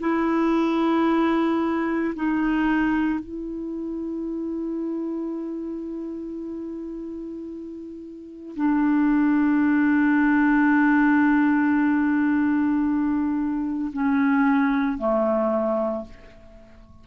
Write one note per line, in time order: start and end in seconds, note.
0.00 2.14 E4
2.15 3.19 D#4
3.19 8.55 E4
8.56 13.92 D4
13.93 14.98 C#4
14.98 16.05 A3